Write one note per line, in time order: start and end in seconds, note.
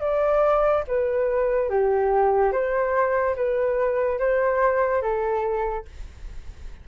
0.00 0.83 D5
0.87 1.69 B4
1.69 2.52 G4
2.52 3.35 C5
3.36 4.19 B4
4.19 5.02 C5
5.02 5.85 A4